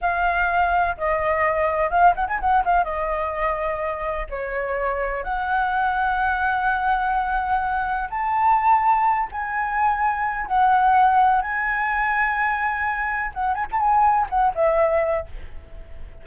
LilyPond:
\new Staff \with { instrumentName = "flute" } { \time 4/4 \tempo 4 = 126 f''2 dis''2 | f''8 fis''16 gis''16 fis''8 f''8 dis''2~ | dis''4 cis''2 fis''4~ | fis''1~ |
fis''4 a''2~ a''8 gis''8~ | gis''2 fis''2 | gis''1 | fis''8 gis''16 a''16 gis''4 fis''8 e''4. | }